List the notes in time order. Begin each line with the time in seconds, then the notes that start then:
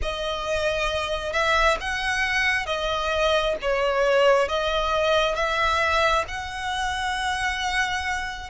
0.02 D#5
1.32 E5
1.80 F#5
2.66 D#5
3.61 C#5
4.48 D#5
5.35 E5
6.27 F#5